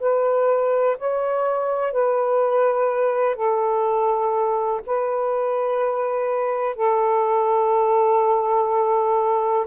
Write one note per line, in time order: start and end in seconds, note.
0.00 0.97 B4
0.98 1.93 C#5
1.93 3.36 B4
3.36 4.81 A4
4.87 6.76 B4
6.76 9.66 A4